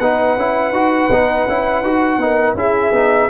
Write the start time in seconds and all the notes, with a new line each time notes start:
0.00 B3 D#4 B4 F#5
0.37 C#4 E4
0.72 D#4 F#4
1.10 B3 D#4
1.48 C#4 E4
1.82 D#4 F#4
2.18 B3 D#4 A#4
2.55 C#4 E4 G#4 E5
2.92 B3 D#4